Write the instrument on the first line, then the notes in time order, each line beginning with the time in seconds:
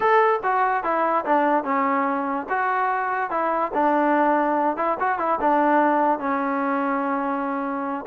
trombone
0.00 A4
0.43 F#4
0.83 E4
1.25 D4
1.63 C#4
2.49 F#4
3.30 E4
3.74 D4
4.77 E4
4.99 F#4
5.18 E4
5.40 D4
6.19 C#4